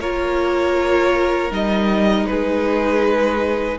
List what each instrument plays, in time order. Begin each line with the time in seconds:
0.00 cello A#3, viola F4, violin A#4 C#5
1.50 cello G3, viola D#4, violin D#5
2.26 cello G#3, violin G#4 B4